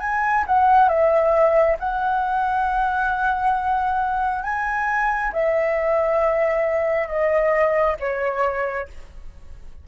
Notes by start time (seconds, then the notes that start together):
0.00 G#5
0.47 F#5
0.88 E5
1.79 F#5
4.43 G#5
5.32 E5
7.08 D#5
7.99 C#5